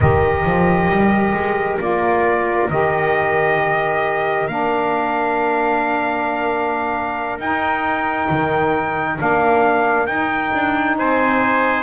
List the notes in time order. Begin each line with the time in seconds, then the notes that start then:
0.00 D#3 G4 A#4 D#5
0.45 F3
0.88 G3
1.33 G#3
1.79 A#3 F4 D5
2.69 D#3 G4 D#5
4.47 A#3 D4 F5
7.38 D#4 G5
8.29 D#3
9.17 A#3 D4 F5
10.06 D#4 G5
10.53 D4
10.98 C4 C5 G#5